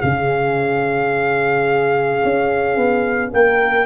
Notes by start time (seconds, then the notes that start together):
0.00 C#3 C#4 G#4 F5
2.24 C#4
2.76 B3
3.33 A#3 A#4 G5